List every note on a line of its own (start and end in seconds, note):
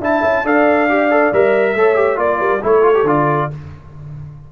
0.00 0.22 D4
0.00 0.44 E4
0.00 0.44 E5
0.00 0.46 A5
0.22 0.43 C#4
0.43 1.30 D4
0.43 0.88 A4
0.43 1.74 D5
0.43 1.33 F5
0.89 1.10 G4
1.10 1.32 A4
1.32 1.74 G3
1.32 1.76 A#4
1.32 2.19 E5
1.74 2.17 A3
1.74 1.95 A4
1.74 2.18 C#5
1.95 2.15 G4
2.15 2.39 A#3
2.15 2.59 F4
2.15 2.40 D5
2.15 2.62 D5
2.40 2.61 G3
2.40 2.62 A#4
2.62 3.03 A3
2.62 2.82 E4
2.62 3.49 A4
2.62 3.08 C#5
2.82 2.93 F4
2.93 3.04 G4
3.03 3.47 D3
3.03 3.50 F4
3.03 3.51 D5